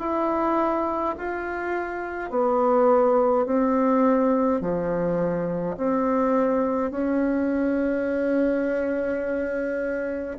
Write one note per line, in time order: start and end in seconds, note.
0.00 1.15 E4
1.19 2.31 F4
2.31 3.46 B3
3.46 4.62 C4
4.62 5.77 F3
5.77 6.92 C4
6.92 10.38 C#4